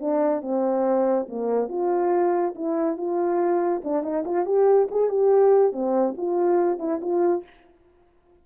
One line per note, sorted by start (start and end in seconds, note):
0.00 0.42 D4
0.42 1.27 C4
1.28 1.69 A#3
1.69 2.54 F4
2.55 2.97 E4
2.97 3.82 F4
3.84 4.03 D4
4.03 4.24 D#4
4.25 4.46 F4
4.46 4.88 G4
4.91 5.09 G#4
5.09 5.72 G4
5.72 6.15 C4
6.17 6.79 F4
6.79 7.00 E4
7.01 7.44 F4